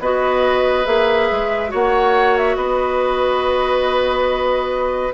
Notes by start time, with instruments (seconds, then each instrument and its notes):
0.00 bassoon B3, clarinet F#4, oboe B4, flute D#5
0.85 bassoon A#3, clarinet G#4, flute E5
1.32 bassoon G#3
1.69 bassoon A#3, clarinet F#4, oboe C#5
1.75 flute F#5
2.38 flute E5
2.56 bassoon B3, oboe B4, flute D#5